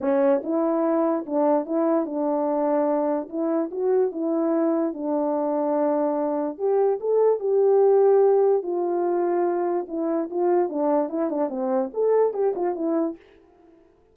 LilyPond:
\new Staff \with { instrumentName = "horn" } { \time 4/4 \tempo 4 = 146 cis'4 e'2 d'4 | e'4 d'2. | e'4 fis'4 e'2 | d'1 |
g'4 a'4 g'2~ | g'4 f'2. | e'4 f'4 d'4 e'8 d'8 | c'4 a'4 g'8 f'8 e'4 | }